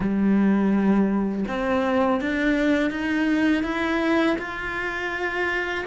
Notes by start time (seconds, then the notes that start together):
0.00 G3
1.47 C4
2.20 D4
2.90 D#4
3.63 E4
4.38 F4